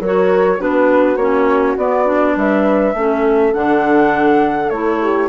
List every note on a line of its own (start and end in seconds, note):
0.00 0.59 F#3
0.00 0.59 F#4
0.00 0.59 A#4
0.00 0.61 C#5
0.59 1.17 B3
0.59 1.18 D4
0.59 2.35 F#4
0.59 1.17 B4
1.17 1.75 A#3
1.17 1.78 C#4
1.17 1.76 C#5
1.77 2.36 B3
1.77 2.06 B3
1.77 2.37 D5
2.06 2.94 D4
2.36 2.94 G3
2.36 2.97 B4
2.36 3.54 E5
2.94 3.53 A3
2.94 3.54 C#4
2.94 5.02 A4
3.54 4.70 D3
3.54 4.71 D4
3.54 4.70 F#5
4.70 5.29 A3
4.70 5.29 E4
4.70 5.29 C#5
5.02 5.29 G4